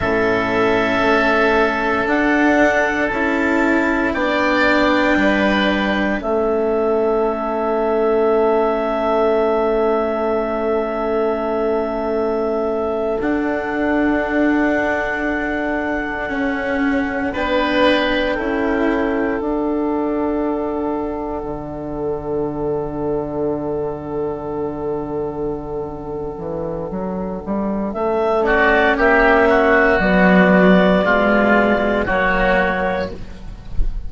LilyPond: <<
  \new Staff \with { instrumentName = "clarinet" } { \time 4/4 \tempo 4 = 58 e''2 fis''4 a''4 | g''2 e''2~ | e''1~ | e''8. fis''2.~ fis''16~ |
fis''8. g''2 fis''4~ fis''16~ | fis''1~ | fis''2. e''8 d''8 | e''4 d''2 cis''4 | }
  \new Staff \with { instrumentName = "oboe" } { \time 4/4 a'1 | d''4 b'4 a'2~ | a'1~ | a'1~ |
a'8. b'4 a'2~ a'16~ | a'1~ | a'2.~ a'8 fis'8 | g'8 fis'4. f'4 fis'4 | }
  \new Staff \with { instrumentName = "cello" } { \time 4/4 cis'2 d'4 e'4 | d'2 cis'2~ | cis'1~ | cis'8. d'2. cis'16~ |
cis'8. d'4 e'4 d'4~ d'16~ | d'1~ | d'2.~ d'8 cis'8~ | cis'4 fis4 gis4 ais4 | }
  \new Staff \with { instrumentName = "bassoon" } { \time 4/4 a,4 a4 d'4 cis'4 | b4 g4 a2~ | a1~ | a8. d'2. cis'16~ |
cis'8. b4 cis'4 d'4~ d'16~ | d'8. d2.~ d16~ | d4. e8 fis8 g8 a4 | ais4 b4 b,4 fis4 | }
>>